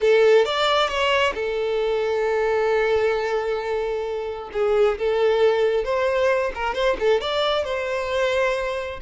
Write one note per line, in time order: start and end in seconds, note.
0.00 0.45 A4
0.45 0.88 D5
0.88 1.33 C#5
1.34 4.50 A4
4.52 4.97 G#4
4.98 5.84 A4
5.84 6.51 C5
6.54 6.74 A#4
6.74 6.96 C5
6.99 7.20 A4
7.20 7.64 D5
7.64 9.00 C5